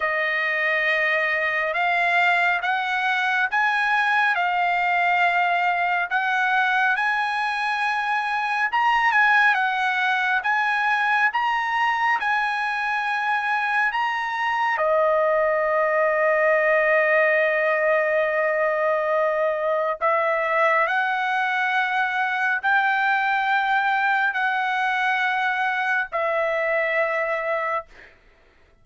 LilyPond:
\new Staff \with { instrumentName = "trumpet" } { \time 4/4 \tempo 4 = 69 dis''2 f''4 fis''4 | gis''4 f''2 fis''4 | gis''2 ais''8 gis''8 fis''4 | gis''4 ais''4 gis''2 |
ais''4 dis''2.~ | dis''2. e''4 | fis''2 g''2 | fis''2 e''2 | }